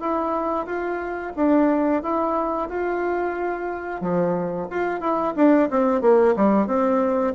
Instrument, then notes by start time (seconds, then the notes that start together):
bassoon
0.00 E4
0.66 F4
1.36 D4
2.02 E4
2.69 F4
4.01 F3
4.70 F4
5.01 E4
5.36 D4
5.70 C4
6.01 A#3
6.36 G3
6.67 C4